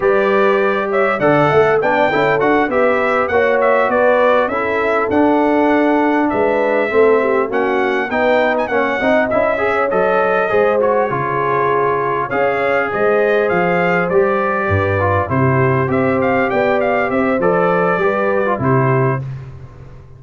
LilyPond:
<<
  \new Staff \with { instrumentName = "trumpet" } { \time 4/4 \tempo 4 = 100 d''4. e''8 fis''4 g''4 | fis''8 e''4 fis''8 e''8 d''4 e''8~ | e''8 fis''2 e''4.~ | e''8 fis''4 g''8. gis''16 fis''4 e''8~ |
e''8 dis''4. cis''2~ | cis''8 f''4 dis''4 f''4 d''8~ | d''4. c''4 e''8 f''8 g''8 | f''8 e''8 d''2 c''4 | }
  \new Staff \with { instrumentName = "horn" } { \time 4/4 b'4. cis''8 d''8 e''8 d''8 a'8~ | a'8 b'4 cis''4 b'4 a'8~ | a'2~ a'8 b'4 a'8 | g'8 fis'4 b'4 cis''8 dis''4 |
cis''4. c''4 gis'4.~ | gis'8 cis''4 c''2~ c''8~ | c''8 b'4 g'4 c''4 d''8~ | d''8 c''4. b'4 g'4 | }
  \new Staff \with { instrumentName = "trombone" } { \time 4/4 g'2 a'4 d'8 e'8 | fis'8 g'4 fis'2 e'8~ | e'8 d'2. c'8~ | c'8 cis'4 dis'4 cis'8 dis'8 e'8 |
gis'8 a'4 gis'8 fis'8 f'4.~ | f'8 gis'2. g'8~ | g'4 f'8 e'4 g'4.~ | g'4 a'4 g'8. f'16 e'4 | }
  \new Staff \with { instrumentName = "tuba" } { \time 4/4 g2 d8 a8 b8 cis'8 | d'8 b4 ais4 b4 cis'8~ | cis'8 d'2 gis4 a8~ | a8 ais4 b4 ais8 c'8 cis'8~ |
cis'8 fis4 gis4 cis4.~ | cis8 cis'4 gis4 f4 g8~ | g8 g,4 c4 c'4 b8~ | b8 c'8 f4 g4 c4 | }
>>